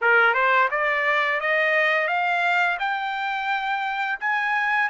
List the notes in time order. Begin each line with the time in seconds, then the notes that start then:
0.01 A#4
0.33 C5
0.70 D5
1.40 D#5
2.07 F5
2.79 G5
4.20 G#5